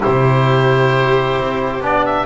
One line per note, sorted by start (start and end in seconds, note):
0.00 1.39 C3
0.00 1.80 E4
0.00 2.26 G4
0.00 1.84 C5
1.39 1.80 C4
1.80 2.25 B3
1.80 2.26 D4
1.80 2.05 D5
2.05 2.26 E5